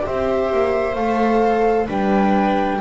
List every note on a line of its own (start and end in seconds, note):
0.00 0.92 G4
0.00 1.86 C5
0.00 0.94 E5
0.08 0.52 C4
0.52 0.95 A#3
0.94 1.88 A3
0.94 1.88 A4
0.94 1.87 F5
1.86 2.80 G3
1.86 2.80 D4
1.86 2.79 B4
1.86 2.81 G5